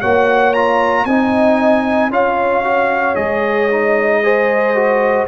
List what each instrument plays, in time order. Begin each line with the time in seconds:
0.00 tuba A#3, trombone F#4, horn C#5, trumpet F#5
0.54 trombone F4, trumpet A#5
1.05 tuba C4, trombone D#4, horn D#5, trumpet G#5
2.10 tuba C#4, trombone F4, horn C#5, trumpet F5
2.64 trombone F#4
3.15 tuba G#3, trombone G#4, trumpet D#5
3.71 trombone D#4
4.23 trombone G#4, horn C5
4.75 trombone F#4